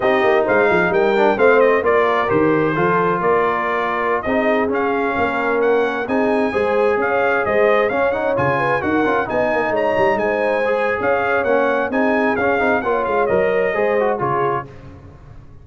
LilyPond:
<<
  \new Staff \with { instrumentName = "trumpet" } { \time 4/4 \tempo 4 = 131 dis''4 f''4 g''4 f''8 dis''8 | d''4 c''2 d''4~ | d''4~ d''16 dis''4 f''4.~ f''16~ | f''16 fis''4 gis''2 f''8.~ |
f''16 dis''4 f''8 fis''8 gis''4 fis''8.~ | fis''16 gis''4 ais''4 gis''4.~ gis''16 | f''4 fis''4 gis''4 f''4 | fis''8 f''8 dis''2 cis''4 | }
  \new Staff \with { instrumentName = "horn" } { \time 4/4 g'4 c''8 gis'8 ais'4 c''4 | ais'2 a'4 ais'4~ | ais'4~ ais'16 gis'2 ais'8.~ | ais'4~ ais'16 gis'4 c''4 cis''8.~ |
cis''16 c''4 cis''4. b'8 ais'8.~ | ais'16 dis''4 cis''4 c''4.~ c''16 | cis''2 gis'2 | cis''2 c''4 gis'4 | }
  \new Staff \with { instrumentName = "trombone" } { \time 4/4 dis'2~ dis'8 d'8 c'4 | f'4 g'4 f'2~ | f'4~ f'16 dis'4 cis'4.~ cis'16~ | cis'4~ cis'16 dis'4 gis'4.~ gis'16~ |
gis'4~ gis'16 cis'8 dis'8 f'4 fis'8 f'16~ | f'16 dis'2. gis'8.~ | gis'4 cis'4 dis'4 cis'8 dis'8 | f'4 ais'4 gis'8 fis'8 f'4 | }
  \new Staff \with { instrumentName = "tuba" } { \time 4/4 c'8 ais8 gis8 f8 g4 a4 | ais4 dis4 f4 ais4~ | ais4~ ais16 c'4 cis'4 ais8.~ | ais4~ ais16 c'4 gis4 cis'8.~ |
cis'16 gis4 cis'4 cis4 dis'8 cis'16~ | cis'16 b8 ais8 gis8 g8 gis4.~ gis16 | cis'4 ais4 c'4 cis'8 c'8 | ais8 gis8 fis4 gis4 cis4 | }
>>